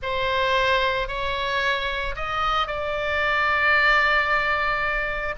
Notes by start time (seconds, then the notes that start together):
0.02 C5
1.07 C#5
2.15 D#5
2.67 D5